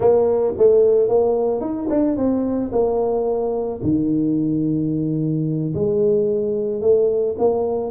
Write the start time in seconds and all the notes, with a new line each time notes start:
0.00 A#3
0.57 A3
1.08 A#3
1.60 D#4
1.89 D4
2.16 C4
2.71 A#3
3.83 D#3
5.74 G#3
6.81 A3
7.38 A#3